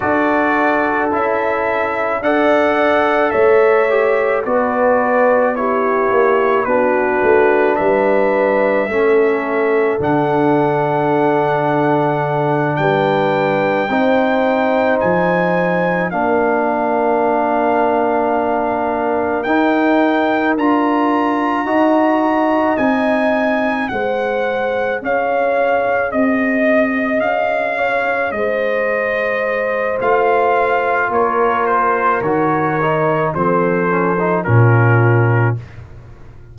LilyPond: <<
  \new Staff \with { instrumentName = "trumpet" } { \time 4/4 \tempo 4 = 54 d''4 e''4 fis''4 e''4 | d''4 cis''4 b'4 e''4~ | e''4 fis''2~ fis''8 g''8~ | g''4. gis''4 f''4.~ |
f''4. g''4 ais''4.~ | ais''8 gis''4 fis''4 f''4 dis''8~ | dis''8 f''4 dis''4. f''4 | cis''8 c''8 cis''4 c''4 ais'4 | }
  \new Staff \with { instrumentName = "horn" } { \time 4/4 a'2 d''4 cis''4 | b'4 g'4 fis'4 b'4 | a'2.~ a'8 b'8~ | b'8 c''2 ais'4.~ |
ais'2.~ ais'8 dis''8~ | dis''4. c''4 cis''4 dis''8~ | dis''4 cis''8 c''2~ c''8 | ais'2 a'4 f'4 | }
  \new Staff \with { instrumentName = "trombone" } { \time 4/4 fis'4 e'4 a'4. g'8 | fis'4 e'4 d'2 | cis'4 d'2.~ | d'8 dis'2 d'4.~ |
d'4. dis'4 f'4 fis'8~ | fis'8 dis'4 gis'2~ gis'8~ | gis'2. f'4~ | f'4 fis'8 dis'8 c'8 cis'16 dis'16 cis'4 | }
  \new Staff \with { instrumentName = "tuba" } { \time 4/4 d'4 cis'4 d'4 a4 | b4. ais8 b8 a8 g4 | a4 d2~ d8 g8~ | g8 c'4 f4 ais4.~ |
ais4. dis'4 d'4 dis'8~ | dis'8 c'4 gis4 cis'4 c'8~ | c'8 cis'4 gis4. a4 | ais4 dis4 f4 ais,4 | }
>>